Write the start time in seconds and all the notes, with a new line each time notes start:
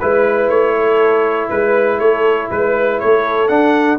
0.00 G#3 E4 B4
0.49 A3 C#5
0.75 A4
1.50 G#3 B4
1.99 A3 A4 C#5
2.51 G#3 B4
3.00 A3 A4 C#5
3.48 D4 F#5